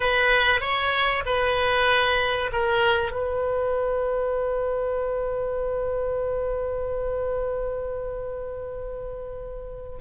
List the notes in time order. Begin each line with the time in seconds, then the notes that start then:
0.00 B4
0.61 C#5
1.25 B4
2.52 A#4
3.11 B4